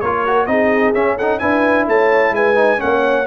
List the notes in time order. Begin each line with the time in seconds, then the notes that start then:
0.00 A#3 F4 A#4 C#5
0.27 F#4
0.46 C4 D#4 G#4 D#5
0.94 C#4 E5
1.16 D#4 A4 F#5
1.39 D4 E4 B4 G#5
1.87 A3 C#5 A5
2.31 G#3 B4 G#5
2.54 D#4
2.78 A#3 C#4 F#5
2.84 C#5